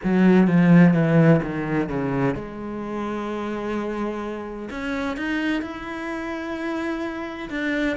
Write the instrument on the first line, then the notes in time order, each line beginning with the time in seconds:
cello
0.03 F#3
0.47 F3
0.93 E3
1.43 D#3
1.88 C#3
2.34 G#3
4.70 C#4
5.16 D#4
5.61 E4
7.49 D4